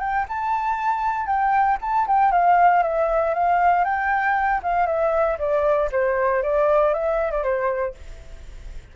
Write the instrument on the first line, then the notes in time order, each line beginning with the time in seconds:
flute
0.00 G5
0.28 A5
1.26 G5
1.81 A5
2.07 G5
2.32 F5
2.83 E5
3.34 F5
3.84 G5
4.63 F5
4.86 E5
5.38 D5
5.92 C5
6.43 D5
6.93 E5
7.31 D5
7.43 C5